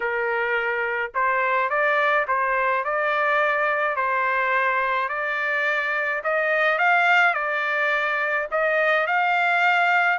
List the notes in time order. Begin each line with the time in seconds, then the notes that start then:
0.00 A#4
1.14 C5
1.69 D5
2.27 C5
2.84 D5
3.96 C5
5.08 D5
6.23 D#5
6.78 F5
7.34 D5
8.51 D#5
9.06 F5